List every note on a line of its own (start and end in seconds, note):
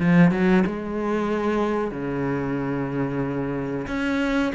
0.00 0.31 F3
0.31 0.64 F#3
0.67 1.92 G#3
1.92 3.87 C#3
3.88 4.53 C#4